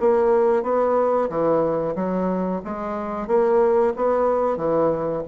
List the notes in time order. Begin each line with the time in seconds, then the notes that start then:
0.00 A#3
0.63 B3
1.29 E3
1.95 F#3
2.64 G#3
3.27 A#3
3.96 B3
4.57 E3